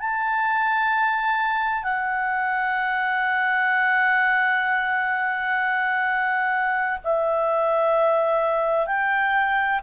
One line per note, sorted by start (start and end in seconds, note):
0.00 1.84 A5
1.84 6.99 F#5
7.04 8.87 E5
8.87 9.81 G5